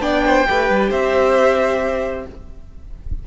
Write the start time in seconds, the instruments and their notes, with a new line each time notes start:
0.00 cello B3, viola D4, violin D5 G5
0.26 violin C5
0.48 cello A3, viola G4, violin B4
0.70 cello G3
0.90 cello C4, violin C5 E5